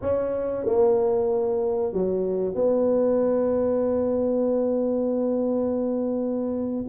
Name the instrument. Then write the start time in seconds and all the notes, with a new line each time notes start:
tuba
0.01 C#4
0.65 A#3
1.93 F#3
2.54 B3